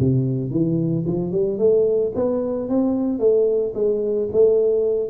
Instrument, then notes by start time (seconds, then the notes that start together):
tuba
0.00 C3
0.51 E3
1.07 F3
1.32 G3
1.59 A3
2.16 B3
2.69 C4
3.20 A3
3.75 G#3
4.33 A3